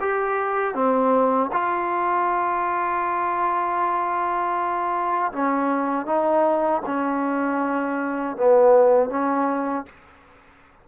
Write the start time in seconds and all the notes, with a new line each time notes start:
0.00 G4
0.74 C4
1.52 F4
5.32 C#4
6.06 D#4
6.85 C#4
8.36 B3
9.09 C#4